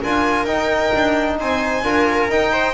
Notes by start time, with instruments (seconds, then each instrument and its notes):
0.00 double bass D4, trombone F4, viola A#4, violin G#5
0.45 double bass D#4, trombone D#4, violin G5
0.94 double bass D4
1.39 double bass C4, viola C5, violin G#5
1.83 double bass D4, trombone F4, viola A#4
2.29 trombone D#4, double bass D#4, violin G5
2.52 viola C5